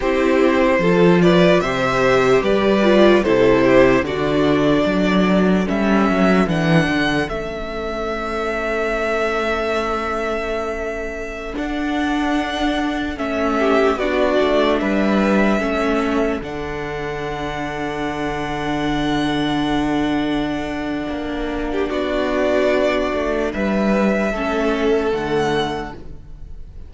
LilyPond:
<<
  \new Staff \with { instrumentName = "violin" } { \time 4/4 \tempo 4 = 74 c''4. d''8 e''4 d''4 | c''4 d''2 e''4 | fis''4 e''2.~ | e''2~ e''16 fis''4.~ fis''16~ |
fis''16 e''4 d''4 e''4.~ e''16~ | e''16 fis''2.~ fis''8.~ | fis''2. d''4~ | d''4 e''2 fis''4 | }
  \new Staff \with { instrumentName = "violin" } { \time 4/4 g'4 a'8 b'8 c''4 b'4 | a'8 g'8 fis'4 a'2~ | a'1~ | a'1~ |
a'8. g'8 fis'4 b'4 a'8.~ | a'1~ | a'2~ a'8. g'16 fis'4~ | fis'4 b'4 a'2 | }
  \new Staff \with { instrumentName = "viola" } { \time 4/4 e'4 f'4 g'4. f'8 | e'4 d'2 cis'4 | d'4 cis'2.~ | cis'2~ cis'16 d'4.~ d'16~ |
d'16 cis'4 d'2 cis'8.~ | cis'16 d'2.~ d'8.~ | d'1~ | d'2 cis'4 a4 | }
  \new Staff \with { instrumentName = "cello" } { \time 4/4 c'4 f4 c4 g4 | c4 d4 fis4 g8 fis8 | e8 d8 a2.~ | a2~ a16 d'4.~ d'16~ |
d'16 a4 b8 a8 g4 a8.~ | a16 d2.~ d8.~ | d2 ais4 b4~ | b8 a8 g4 a4 d4 | }
>>